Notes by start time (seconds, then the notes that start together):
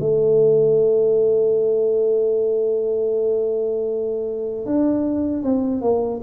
0.00 A3
4.66 D4
5.43 C4
5.82 A#3